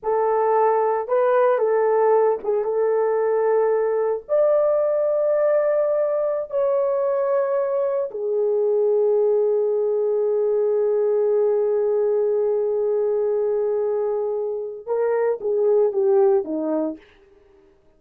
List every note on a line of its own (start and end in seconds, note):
0.02 1.08 A4
1.08 1.58 B4
1.58 2.38 A4
2.43 2.64 G#4
2.64 4.23 A4
4.28 6.50 D5
6.50 8.09 C#5
8.10 14.86 G#4
14.86 15.39 A#4
15.40 15.92 G#4
15.92 16.44 G4
16.44 16.97 D#4